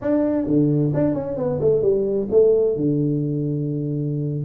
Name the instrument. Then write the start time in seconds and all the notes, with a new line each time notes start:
tuba
0.01 D4
0.46 D3
0.94 D4
1.14 C#4
1.36 B3
1.60 A3
1.82 G3
2.30 A3
2.76 D3